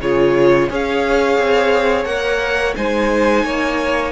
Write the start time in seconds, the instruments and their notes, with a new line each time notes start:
0.00 cello C#3, viola F4, violin G#4 C#5
0.70 cello C#4, viola G#4, violin C#5 F5
1.38 cello C4
2.05 cello A#3, viola A#4, violin F#5
2.76 cello G#3, viola D#4, violin C5 G#5
3.45 cello A#3, violin C#5